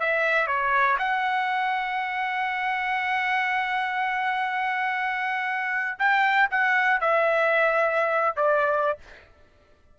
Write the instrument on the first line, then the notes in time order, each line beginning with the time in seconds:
trumpet
0.00 E5
0.47 C#5
0.99 F#5
5.99 G5
6.51 F#5
7.01 E5
8.36 D5